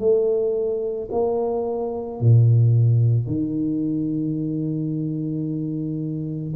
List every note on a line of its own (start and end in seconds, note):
0.00 1.09 A3
1.12 2.21 A#3
2.21 3.27 A#2
3.27 6.55 D#3